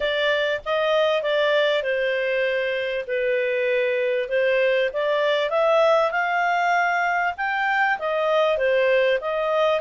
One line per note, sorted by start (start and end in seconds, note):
0.00 0.61 D5
0.65 1.22 D#5
1.22 1.82 D5
1.82 3.05 C5
3.07 4.29 B4
4.29 4.90 C5
4.93 5.49 D5
5.49 6.11 E5
6.11 7.33 F5
7.37 7.98 G5
7.99 8.57 D#5
8.57 9.18 C5
9.21 9.80 D#5